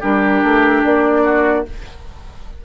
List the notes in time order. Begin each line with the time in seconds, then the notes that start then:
0.00 G3 D4 G4 A#4
0.43 A3
0.84 A#3 D5
1.24 F#4